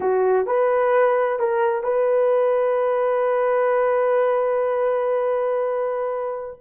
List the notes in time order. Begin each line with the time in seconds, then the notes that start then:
0.00 F#4
0.46 B4
1.39 A#4
1.83 B4